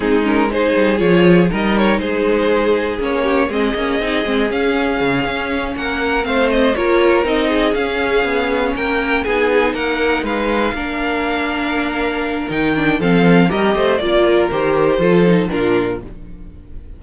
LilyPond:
<<
  \new Staff \with { instrumentName = "violin" } { \time 4/4 \tempo 4 = 120 gis'8 ais'8 c''4 cis''4 dis''8 cis''8 | c''2 cis''4 dis''4~ | dis''4 f''2~ f''8 fis''8~ | fis''8 f''8 dis''8 cis''4 dis''4 f''8~ |
f''4. g''4 gis''4 fis''8~ | fis''8 f''2.~ f''8~ | f''4 g''4 f''4 dis''4 | d''4 c''2 ais'4 | }
  \new Staff \with { instrumentName = "violin" } { \time 4/4 dis'4 gis'2 ais'4 | gis'2~ gis'8 g'8 gis'4~ | gis'2.~ gis'8 ais'8~ | ais'8 c''4 ais'4. gis'4~ |
gis'4. ais'4 gis'4 ais'8~ | ais'8 b'4 ais'2~ ais'8~ | ais'2 a'4 ais'8 c''8 | d''8 ais'4. a'4 f'4 | }
  \new Staff \with { instrumentName = "viola" } { \time 4/4 c'8 cis'8 dis'4 f'4 dis'4~ | dis'2 cis'4 c'8 cis'8 | dis'8 c'8 cis'2.~ | cis'8 c'4 f'4 dis'4 cis'8~ |
cis'2~ cis'8 dis'4.~ | dis'4. d'2~ d'8~ | d'4 dis'8 d'8 c'4 g'4 | f'4 g'4 f'8 dis'8 d'4 | }
  \new Staff \with { instrumentName = "cello" } { \time 4/4 gis4. g8 f4 g4 | gis2 ais4 gis8 ais8 | c'8 gis8 cis'4 cis8 cis'4 ais8~ | ais8 a4 ais4 c'4 cis'8~ |
cis'8 b4 ais4 b4 ais8~ | ais8 gis4 ais2~ ais8~ | ais4 dis4 f4 g8 a8 | ais4 dis4 f4 ais,4 | }
>>